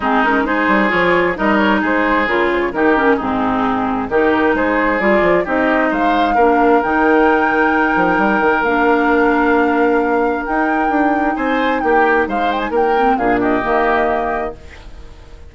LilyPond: <<
  \new Staff \with { instrumentName = "flute" } { \time 4/4 \tempo 4 = 132 gis'8 ais'8 c''4 cis''4 dis''8 cis''8 | c''4 ais'8 c''16 cis''16 ais'4 gis'4~ | gis'4 ais'4 c''4 d''4 | dis''4 f''2 g''4~ |
g''2. f''4~ | f''2. g''4~ | g''4 gis''4 g''4 f''8 g''16 gis''16 | g''4 f''8 dis''2~ dis''8 | }
  \new Staff \with { instrumentName = "oboe" } { \time 4/4 dis'4 gis'2 ais'4 | gis'2 g'4 dis'4~ | dis'4 g'4 gis'2 | g'4 c''4 ais'2~ |
ais'1~ | ais'1~ | ais'4 c''4 g'4 c''4 | ais'4 gis'8 g'2~ g'8 | }
  \new Staff \with { instrumentName = "clarinet" } { \time 4/4 c'8 cis'8 dis'4 f'4 dis'4~ | dis'4 f'4 dis'8 cis'8 c'4~ | c'4 dis'2 f'4 | dis'2 d'4 dis'4~ |
dis'2. d'4~ | d'2. dis'4~ | dis'1~ | dis'8 c'8 d'4 ais2 | }
  \new Staff \with { instrumentName = "bassoon" } { \time 4/4 gis4. g8 f4 g4 | gis4 cis4 dis4 gis,4~ | gis,4 dis4 gis4 g8 f8 | c'4 gis4 ais4 dis4~ |
dis4. f8 g8 dis8 ais4~ | ais2. dis'4 | d'4 c'4 ais4 gis4 | ais4 ais,4 dis2 | }
>>